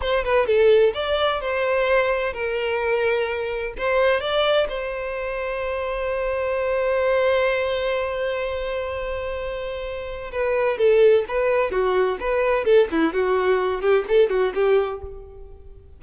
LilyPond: \new Staff \with { instrumentName = "violin" } { \time 4/4 \tempo 4 = 128 c''8 b'8 a'4 d''4 c''4~ | c''4 ais'2. | c''4 d''4 c''2~ | c''1~ |
c''1~ | c''2 b'4 a'4 | b'4 fis'4 b'4 a'8 e'8 | fis'4. g'8 a'8 fis'8 g'4 | }